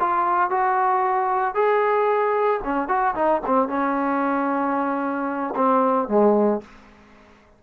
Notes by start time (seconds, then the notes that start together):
0.00 F4
0.50 F#4
1.55 G#4
2.64 C#4
2.88 F#4
3.15 D#4
3.46 C4
3.69 C#4
5.56 C4
6.08 G#3